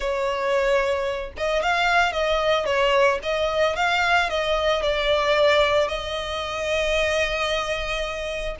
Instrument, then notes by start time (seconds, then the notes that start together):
violin
0.00 C#5
1.37 D#5
1.62 F5
2.12 D#5
2.65 C#5
3.22 D#5
3.76 F5
4.29 D#5
4.82 D5
5.88 D#5